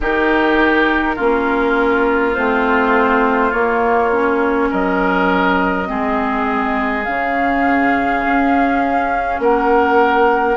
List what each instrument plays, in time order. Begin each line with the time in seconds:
0.00 bassoon D#3, clarinet D#4, oboe G4, flute A#4
1.15 bassoon A#3, clarinet C#4, oboe F4
2.34 bassoon A3, clarinet C4, flute C5
3.52 clarinet A#3, bassoon A#3, flute C#5
4.12 clarinet C#4
4.70 bassoon F#3, oboe A#4, flute D#5
5.85 bassoon G#3, clarinet C4, oboe G#4
7.04 bassoon C#3, clarinet C#4, flute F5
8.25 bassoon C#4
9.39 bassoon A#3, oboe A#4, flute F#5